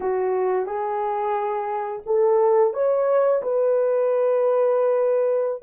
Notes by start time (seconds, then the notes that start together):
0.00 F#4
0.65 G#4
2.05 A4
2.73 C#5
3.42 B4